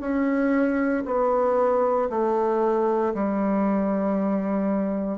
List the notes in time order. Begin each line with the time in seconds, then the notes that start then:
0.00 C#4
1.05 B3
2.10 A3
3.14 G3